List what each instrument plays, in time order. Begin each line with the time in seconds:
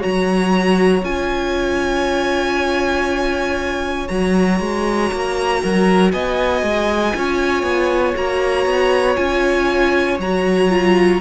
0.00 cello F#3, viola F#4, violin C#5 A#5
1.04 cello C#4, viola F4, violin G#5
4.08 cello F#3, viola F#4, violin A#5
4.60 cello G#3
5.13 cello A#3
5.62 cello F#3, violin A#4
6.12 cello B3, violin D#5 G#5
6.63 cello G#3
7.15 cello C#4, viola F4, violin C#5
7.63 cello B3
8.16 cello A#3, viola F#4, violin A#5
8.66 cello B3
9.16 cello C#4, viola F4, violin G#5
10.19 cello F#3, viola F#4, violin A#5
10.70 viola F4